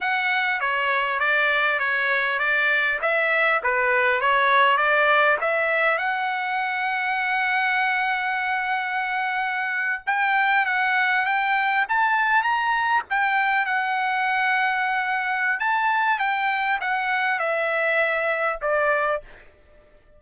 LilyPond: \new Staff \with { instrumentName = "trumpet" } { \time 4/4 \tempo 4 = 100 fis''4 cis''4 d''4 cis''4 | d''4 e''4 b'4 cis''4 | d''4 e''4 fis''2~ | fis''1~ |
fis''8. g''4 fis''4 g''4 a''16~ | a''8. ais''4 g''4 fis''4~ fis''16~ | fis''2 a''4 g''4 | fis''4 e''2 d''4 | }